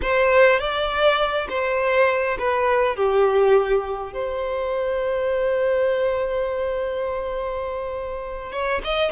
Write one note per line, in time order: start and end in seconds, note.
0.02 0.59 C5
0.59 1.47 D5
1.49 2.37 C5
2.38 2.96 B4
2.96 4.13 G4
4.13 8.52 C5
8.52 8.81 C#5
8.84 9.11 D#5